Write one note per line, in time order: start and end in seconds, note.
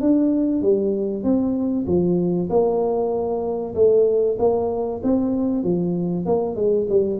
0.00 0.62 D4
0.62 1.23 G3
1.23 1.86 C4
1.86 2.49 F3
2.49 3.74 A#3
3.74 4.37 A3
4.38 5.01 A#3
5.03 5.63 C4
5.63 6.25 F3
6.25 6.55 A#3
6.55 6.87 G#3
6.89 7.19 G3